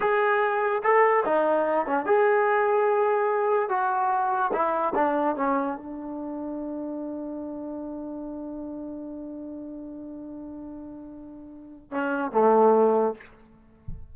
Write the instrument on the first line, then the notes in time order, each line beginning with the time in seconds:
trombone
0.00 G#4
0.83 A4
1.25 D#4
1.86 C#4
2.05 G#4
3.69 F#4
4.52 E4
4.94 D4
5.36 C#4
5.77 D4
11.91 C#4
12.31 A3